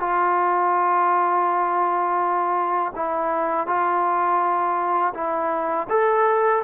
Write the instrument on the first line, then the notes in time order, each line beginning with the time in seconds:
trombone
0.00 F4
2.95 E4
3.67 F4
5.14 E4
5.89 A4